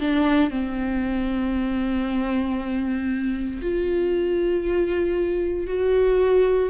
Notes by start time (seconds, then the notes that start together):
0.00 D4
0.50 C4
3.62 F4
5.67 F#4